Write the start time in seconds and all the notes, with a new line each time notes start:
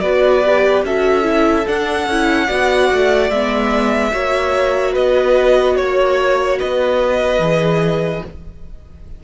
0.00 B3 F#4 B4 D5
0.45 G4
0.83 C#4 F#4 A4 E5
1.23 E4
1.66 D4 F#5
2.07 C#4 E4
2.46 B3 F#4 D5
2.92 A3
3.30 G#3 B3 E5
4.12 A#3 F#4 C#5
4.92 B3 B4 D#5
5.76 A#3 C#5
6.59 B3 B4 D#5
7.39 E3 G#4